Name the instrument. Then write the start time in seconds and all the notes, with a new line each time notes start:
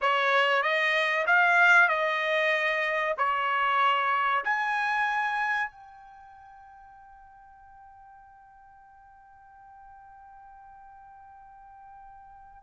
trumpet
0.01 C#5
0.62 D#5
1.26 F5
1.88 D#5
3.18 C#5
4.44 G#5
5.70 G5